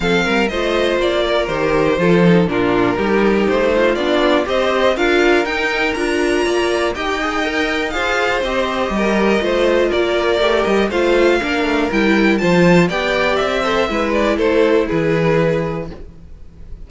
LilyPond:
<<
  \new Staff \with { instrumentName = "violin" } { \time 4/4 \tempo 4 = 121 f''4 dis''4 d''4 c''4~ | c''4 ais'2 c''4 | d''4 dis''4 f''4 g''4 | ais''2 g''2 |
f''4 dis''2. | d''4. dis''8 f''2 | g''4 a''4 g''4 e''4~ | e''8 d''8 c''4 b'2 | }
  \new Staff \with { instrumentName = "violin" } { \time 4/4 a'8 ais'8 c''4. ais'4. | a'4 f'4 g'4. f'8~ | f'4 c''4 ais'2~ | ais'4 d''4 dis''2 |
c''2 ais'4 c''4 | ais'2 c''4 ais'4~ | ais'4 c''4 d''4. c''8 | b'4 a'4 gis'2 | }
  \new Staff \with { instrumentName = "viola" } { \time 4/4 c'4 f'2 g'4 | f'8 dis'8 d'4 dis'2 | d'4 g'4 f'4 dis'4 | f'2 g'8 gis'8 ais'4 |
gis'4 g'2 f'4~ | f'4 g'4 f'4 d'4 | e'4 f'4 g'4. a'8 | e'1 | }
  \new Staff \with { instrumentName = "cello" } { \time 4/4 f8 g8 a4 ais4 dis4 | f4 ais,4 g4 a4 | b4 c'4 d'4 dis'4 | d'4 ais4 dis'2 |
f'4 c'4 g4 a4 | ais4 a8 g8 a4 ais8 a8 | g4 f4 b4 c'4 | gis4 a4 e2 | }
>>